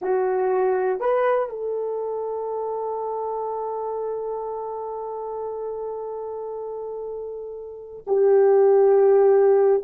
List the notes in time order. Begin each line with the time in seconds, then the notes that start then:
0.01 F#4
1.00 B4
1.49 A4
8.06 G4